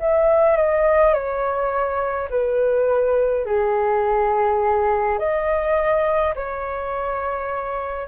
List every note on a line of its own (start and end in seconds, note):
0.00 0.57 E5
0.57 1.14 D#5
1.14 2.29 C#5
2.30 3.46 B4
3.46 5.19 G#4
5.19 6.35 D#5
6.36 8.08 C#5